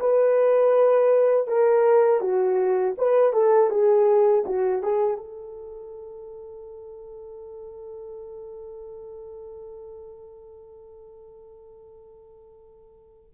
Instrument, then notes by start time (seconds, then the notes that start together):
horn
0.00 B4
1.48 A#4
2.21 F#4
2.98 B4
3.33 A4
3.71 G#4
4.46 F#4
4.83 G#4
5.17 A4